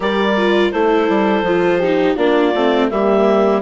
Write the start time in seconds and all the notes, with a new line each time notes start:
0.00 G3 G4 A#4 D5
0.37 F4
0.71 A3 E4 A4 C5
1.09 G3
1.41 F3 F4
1.78 D#4 G4
2.14 A#3 D4 F4 D5
2.54 A3 C4
2.89 G3 A#3 G4 E5